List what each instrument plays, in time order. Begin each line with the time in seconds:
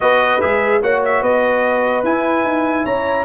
0.00 tuba B3, trombone F#4, horn B4, trumpet D#5
0.40 tuba G#3, trombone G#4, trumpet E5
0.82 tuba A#3, trombone F#4, horn C#5, trumpet F#5
1.05 trumpet E5
1.22 tuba B3, horn B4, trumpet D#5
2.03 tuba E4, trombone E4, trumpet G#5
2.43 tuba D#4
2.84 tuba C#4, horn C#5, trumpet A#5